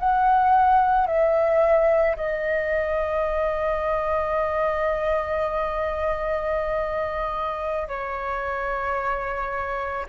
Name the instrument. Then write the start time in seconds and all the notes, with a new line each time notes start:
flute
0.00 F#5
1.07 E5
2.17 D#5
7.88 C#5